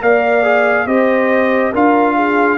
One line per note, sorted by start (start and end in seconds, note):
0.00 0.86 A#3
0.00 0.43 A#4
0.00 0.86 D5
0.00 0.86 F5
0.43 0.86 G#4
0.86 1.72 C4
0.86 1.72 G4
0.86 1.71 C5
0.86 1.72 D#5
1.71 2.57 D4
1.71 2.57 F4
1.71 2.14 A#4
1.71 2.57 F5
2.14 2.57 G#4